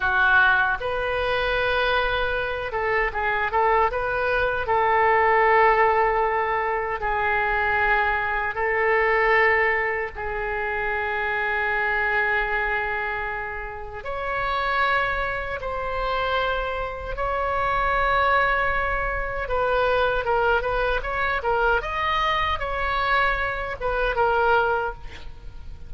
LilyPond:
\new Staff \with { instrumentName = "oboe" } { \time 4/4 \tempo 4 = 77 fis'4 b'2~ b'8 a'8 | gis'8 a'8 b'4 a'2~ | a'4 gis'2 a'4~ | a'4 gis'2.~ |
gis'2 cis''2 | c''2 cis''2~ | cis''4 b'4 ais'8 b'8 cis''8 ais'8 | dis''4 cis''4. b'8 ais'4 | }